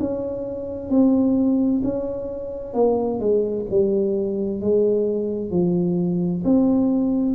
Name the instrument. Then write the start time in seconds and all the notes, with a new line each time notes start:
tuba
0.00 C#4
0.90 C4
1.84 C#4
2.74 A#3
3.20 G#3
3.70 G3
4.61 G#3
5.51 F3
6.45 C4